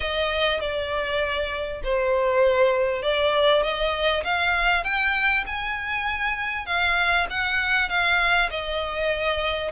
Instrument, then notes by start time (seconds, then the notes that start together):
violin
0.00 D#5
0.60 D5
1.83 C5
3.02 D5
3.63 D#5
4.24 F5
4.83 G5
5.46 G#5
6.66 F5
7.29 F#5
7.89 F5
8.50 D#5